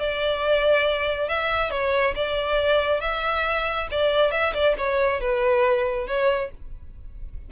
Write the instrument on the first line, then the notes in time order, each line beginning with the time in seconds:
violin
0.00 D5
1.29 E5
1.71 C#5
2.16 D5
3.01 E5
3.91 D5
4.32 E5
4.54 D5
4.78 C#5
5.21 B4
6.08 C#5